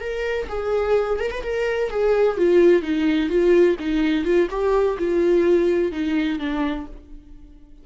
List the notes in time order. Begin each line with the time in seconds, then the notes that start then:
0.00 A#4
0.48 G#4
1.19 A#4
1.31 B4
1.43 A#4
1.90 G#4
2.37 F4
2.82 D#4
3.29 F4
3.79 D#4
4.24 F4
4.50 G4
4.98 F4
5.92 D#4
6.39 D4